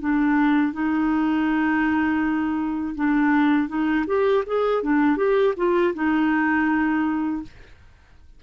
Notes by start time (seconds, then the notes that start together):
0.00 D4
0.73 D#4
2.95 D4
3.68 D#4
4.07 G4
4.46 G#4
4.83 D4
5.17 G4
5.57 F4
5.94 D#4